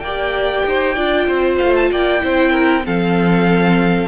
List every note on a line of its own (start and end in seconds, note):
0.00 0.63 A#3
0.00 0.66 D5
0.00 1.56 G5
0.06 0.97 G4
0.66 0.97 D#4
0.66 0.95 C5
0.95 1.28 D4
0.95 2.20 F4
0.95 1.26 D5
1.28 1.60 C4
1.28 1.91 C5
1.58 1.91 A3
1.58 1.74 F5
1.75 1.91 A5
1.91 2.22 A#3
1.91 2.23 D5
1.91 2.86 G5
2.20 2.86 C4
2.20 2.83 E4
2.20 2.52 C5
2.52 2.83 A#4
2.83 4.09 F3
2.83 4.08 C4
2.83 4.09 A4
2.83 4.09 F5